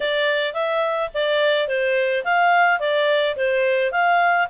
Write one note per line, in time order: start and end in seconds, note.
0.00 0.53 D5
0.53 1.09 E5
1.13 1.67 D5
1.67 2.24 C5
2.24 2.79 F5
2.79 3.35 D5
3.36 3.91 C5
3.91 4.47 F5